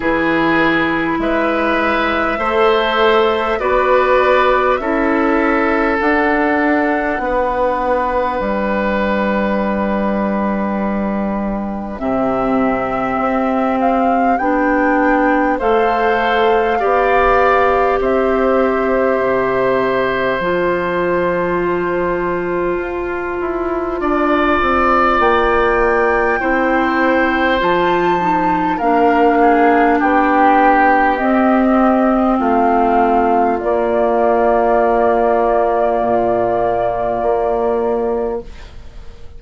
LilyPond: <<
  \new Staff \with { instrumentName = "flute" } { \time 4/4 \tempo 4 = 50 b'4 e''2 d''4 | e''4 fis''2 g''4~ | g''2 e''4. f''8 | g''4 f''2 e''4~ |
e''4 a''2.~ | a''4 g''2 a''4 | f''4 g''4 dis''4 f''4 | d''1 | }
  \new Staff \with { instrumentName = "oboe" } { \time 4/4 gis'4 b'4 c''4 b'4 | a'2 b'2~ | b'2 g'2~ | g'4 c''4 d''4 c''4~ |
c''1 | d''2 c''2 | ais'8 gis'8 g'2 f'4~ | f'1 | }
  \new Staff \with { instrumentName = "clarinet" } { \time 4/4 e'2 a'4 fis'4 | e'4 d'2.~ | d'2 c'2 | d'4 a'4 g'2~ |
g'4 f'2.~ | f'2 e'4 f'8 dis'8 | d'2 c'2 | ais1 | }
  \new Staff \with { instrumentName = "bassoon" } { \time 4/4 e4 gis4 a4 b4 | cis'4 d'4 b4 g4~ | g2 c4 c'4 | b4 a4 b4 c'4 |
c4 f2 f'8 e'8 | d'8 c'8 ais4 c'4 f4 | ais4 b4 c'4 a4 | ais2 ais,4 ais4 | }
>>